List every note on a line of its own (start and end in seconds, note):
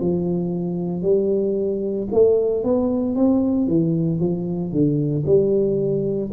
0.00 1.02 F3
1.02 2.08 G3
2.11 2.64 A3
2.64 3.15 B3
3.15 3.67 C4
3.67 4.20 E3
4.20 4.72 F3
4.72 5.24 D3
5.26 6.31 G3